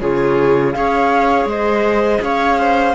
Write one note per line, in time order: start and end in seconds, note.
0.00 0.75 C#3
0.00 0.74 F4
0.00 0.74 G#4
0.00 0.72 C#5
0.72 1.45 C#4
0.72 2.94 G#4
0.72 1.49 C#5
0.72 1.46 F5
1.45 2.19 G#3
1.45 2.23 C5
1.45 2.22 D#5
2.22 2.94 C#4
2.22 2.59 C#5
2.22 2.94 F5
2.59 2.94 C5